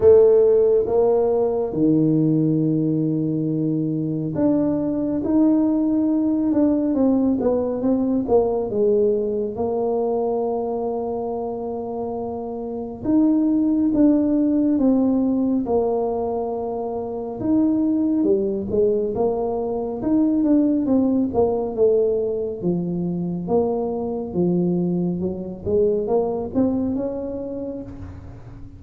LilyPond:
\new Staff \with { instrumentName = "tuba" } { \time 4/4 \tempo 4 = 69 a4 ais4 dis2~ | dis4 d'4 dis'4. d'8 | c'8 b8 c'8 ais8 gis4 ais4~ | ais2. dis'4 |
d'4 c'4 ais2 | dis'4 g8 gis8 ais4 dis'8 d'8 | c'8 ais8 a4 f4 ais4 | f4 fis8 gis8 ais8 c'8 cis'4 | }